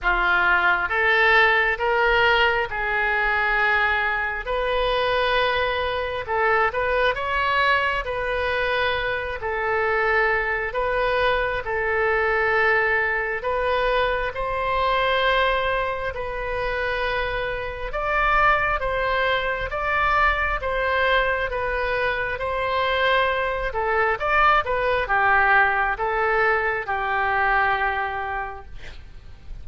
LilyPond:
\new Staff \with { instrumentName = "oboe" } { \time 4/4 \tempo 4 = 67 f'4 a'4 ais'4 gis'4~ | gis'4 b'2 a'8 b'8 | cis''4 b'4. a'4. | b'4 a'2 b'4 |
c''2 b'2 | d''4 c''4 d''4 c''4 | b'4 c''4. a'8 d''8 b'8 | g'4 a'4 g'2 | }